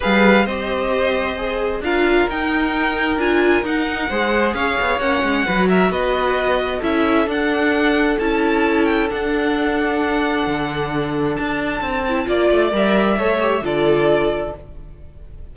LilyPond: <<
  \new Staff \with { instrumentName = "violin" } { \time 4/4 \tempo 4 = 132 f''4 dis''2. | f''4 g''2 gis''4 | fis''2 f''4 fis''4~ | fis''8 e''8 dis''2 e''4 |
fis''2 a''4. g''8 | fis''1~ | fis''4 a''2 d''4 | e''2 d''2 | }
  \new Staff \with { instrumentName = "violin" } { \time 4/4 b'4 c''2. | ais'1~ | ais'4 c''4 cis''2 | b'8 ais'8 b'2 a'4~ |
a'1~ | a'1~ | a'2. d''4~ | d''4 cis''4 a'2 | }
  \new Staff \with { instrumentName = "viola" } { \time 4/4 gis'4 g'2 gis'4 | f'4 dis'2 f'4 | dis'4 gis'2 cis'4 | fis'2. e'4 |
d'2 e'2 | d'1~ | d'2~ d'8 e'8 f'4 | ais'4 a'8 g'8 f'2 | }
  \new Staff \with { instrumentName = "cello" } { \time 4/4 g4 c'2. | d'4 dis'2 d'4 | dis'4 gis4 cis'8 b8 ais8 gis8 | fis4 b2 cis'4 |
d'2 cis'2 | d'2. d4~ | d4 d'4 c'4 ais8 a8 | g4 a4 d2 | }
>>